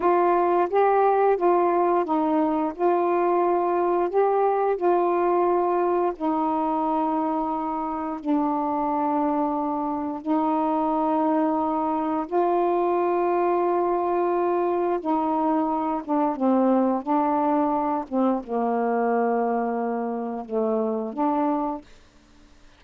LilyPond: \new Staff \with { instrumentName = "saxophone" } { \time 4/4 \tempo 4 = 88 f'4 g'4 f'4 dis'4 | f'2 g'4 f'4~ | f'4 dis'2. | d'2. dis'4~ |
dis'2 f'2~ | f'2 dis'4. d'8 | c'4 d'4. c'8 ais4~ | ais2 a4 d'4 | }